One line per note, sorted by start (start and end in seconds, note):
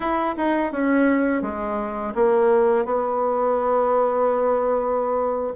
0.00 0.35 E4
0.37 0.72 D#4
0.72 1.42 C#4
1.42 2.13 G#3
2.14 2.85 A#3
2.85 5.53 B3